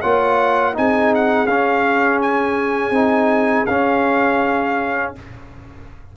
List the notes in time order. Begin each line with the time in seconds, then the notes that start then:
0.00 A#3 F4 C#5 F#5
0.73 C4 D#4 G#4 G#5
1.14 F#5
1.46 C#4 F5
2.21 G#5
2.90 C4 D#4
3.66 C#4 F5